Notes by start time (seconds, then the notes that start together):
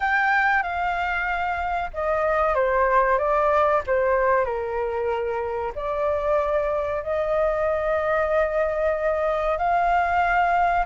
0.00 G5
0.62 F5
1.93 D#5
2.54 C5
3.18 D5
3.86 C5
4.44 A#4
5.75 D5
7.02 D#5
9.57 F5